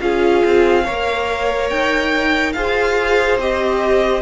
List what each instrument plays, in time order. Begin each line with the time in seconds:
0.00 cello C#4, viola F4, violin G#4 F5
0.45 cello C4
0.84 cello A#3, viola A#4, violin C#5
1.69 cello D#4, violin G5
2.52 cello F4, viola G#4, violin C5 F5
3.37 cello C4, viola G4, violin D#5